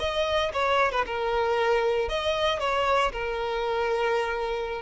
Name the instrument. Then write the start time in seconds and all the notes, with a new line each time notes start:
violin
0.00 D#5
0.54 C#5
0.92 B4
1.06 A#4
2.09 D#5
2.60 C#5
3.13 A#4